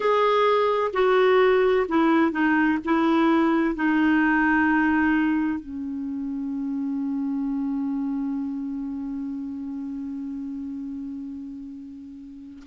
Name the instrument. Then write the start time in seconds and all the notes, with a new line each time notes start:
clarinet
0.00 G#4
0.93 F#4
1.88 E4
2.31 D#4
2.84 E4
3.75 D#4
5.60 C#4